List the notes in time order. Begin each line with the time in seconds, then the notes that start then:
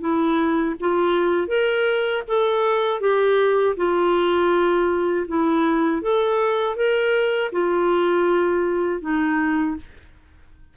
0.00 E4
0.80 F4
1.48 A#4
2.27 A4
3.00 G4
3.76 F4
5.27 E4
6.02 A4
6.76 A#4
7.52 F4
9.01 D#4